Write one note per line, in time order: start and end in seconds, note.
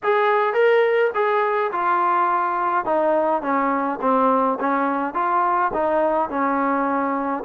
0.03 0.53 G#4
0.53 1.10 A#4
1.14 1.71 G#4
1.72 2.85 F4
2.85 3.42 D#4
3.42 3.99 C#4
4.01 4.58 C4
4.59 5.14 C#4
5.14 5.71 F4
5.73 6.29 D#4
6.29 7.43 C#4